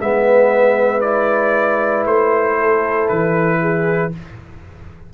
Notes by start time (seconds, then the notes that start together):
0.00 G#3 B3 B4 E5
1.00 E4 D5
2.05 A3 C5
2.59 A4
3.08 E3 B4
3.60 G#4